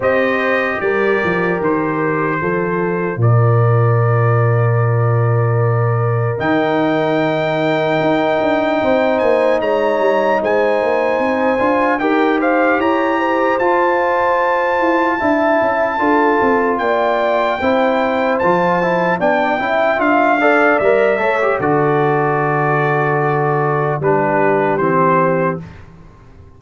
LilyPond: <<
  \new Staff \with { instrumentName = "trumpet" } { \time 4/4 \tempo 4 = 75 dis''4 d''4 c''2 | d''1 | g''2.~ g''8 gis''8 | ais''4 gis''2 g''8 f''8 |
ais''4 a''2.~ | a''4 g''2 a''4 | g''4 f''4 e''4 d''4~ | d''2 b'4 c''4 | }
  \new Staff \with { instrumentName = "horn" } { \time 4/4 c''4 ais'2 a'4 | ais'1~ | ais'2. c''4 | cis''4 c''2 ais'8 c''8 |
cis''8 c''2~ c''8 e''4 | a'4 d''4 c''2 | d''8 e''4 d''4 cis''8 a'4~ | a'2 g'2 | }
  \new Staff \with { instrumentName = "trombone" } { \time 4/4 g'2. f'4~ | f'1 | dis'1~ | dis'2~ dis'8 f'8 g'4~ |
g'4 f'2 e'4 | f'2 e'4 f'8 e'8 | d'8 e'8 f'8 a'8 ais'8 a'16 g'16 fis'4~ | fis'2 d'4 c'4 | }
  \new Staff \with { instrumentName = "tuba" } { \time 4/4 c'4 g8 f8 dis4 f4 | ais,1 | dis2 dis'8 d'8 c'8 ais8 | gis8 g8 gis8 ais8 c'8 d'8 dis'4 |
e'4 f'4. e'8 d'8 cis'8 | d'8 c'8 ais4 c'4 f4 | b8 cis'8 d'4 g8 a8 d4~ | d2 g4 e4 | }
>>